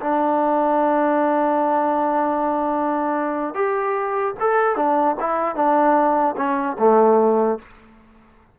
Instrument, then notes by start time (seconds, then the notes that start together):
trombone
0.00 D4
3.54 G4
4.40 A4
4.76 D4
5.19 E4
5.55 D4
6.36 C#4
6.78 A3